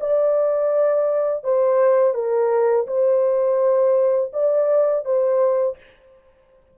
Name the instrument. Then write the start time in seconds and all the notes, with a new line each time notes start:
horn
0.00 D5
1.43 C5
2.14 A#4
2.87 C5
4.33 D5
5.04 C5